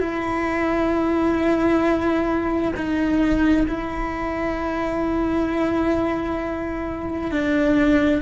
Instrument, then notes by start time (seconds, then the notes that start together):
cello
0.00 E4
2.76 D#4
3.68 E4
7.31 D4